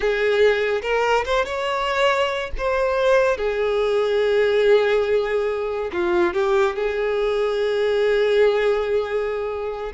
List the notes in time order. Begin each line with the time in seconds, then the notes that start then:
0.00 G#4
0.82 A#4
1.24 C5
1.45 C#5
2.57 C5
3.37 G#4
5.92 F4
6.33 G4
6.75 G#4